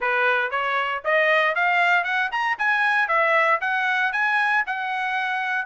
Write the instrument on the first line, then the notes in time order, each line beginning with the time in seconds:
trumpet
0.00 B4
0.50 C#5
1.04 D#5
1.55 F5
2.04 F#5
2.31 A#5
2.58 G#5
3.08 E5
3.60 F#5
4.12 G#5
4.66 F#5